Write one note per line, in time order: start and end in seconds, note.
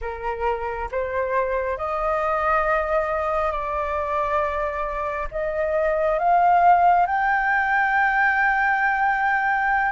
0.01 0.89 A#4
0.91 1.77 C5
1.77 3.51 D#5
3.51 5.27 D5
5.31 6.18 D#5
6.18 7.06 F5
7.06 9.92 G5